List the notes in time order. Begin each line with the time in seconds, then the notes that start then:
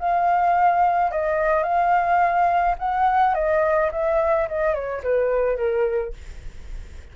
0.00 F5
1.12 D#5
1.64 F5
2.79 F#5
3.35 D#5
3.92 E5
4.49 D#5
4.75 C#5
5.04 B4
5.57 A#4